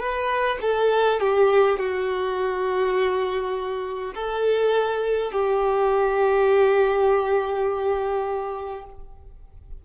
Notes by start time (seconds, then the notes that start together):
0.00 B4
0.62 A4
1.21 G4
1.79 F#4
4.15 A4
5.32 G4